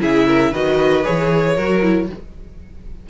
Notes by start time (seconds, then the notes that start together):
0.00 C#3 E4 G#4 E5
0.28 A#4
0.51 D#3 F#4 B4 D#5
1.04 E3 G#4 C#5
1.55 F#3 F#4 A#4
1.82 E4